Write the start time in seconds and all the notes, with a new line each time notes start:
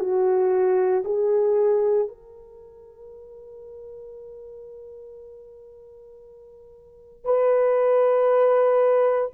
0.00 F#4
1.04 G#4
2.08 A#4
7.25 B4